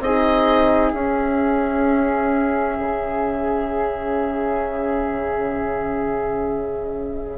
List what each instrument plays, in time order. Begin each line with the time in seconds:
0.00 bassoon C4, horn D#4, flute G#4, oboe D#5
0.93 bassoon C#4, horn C#4, oboe E5
2.80 bassoon C#3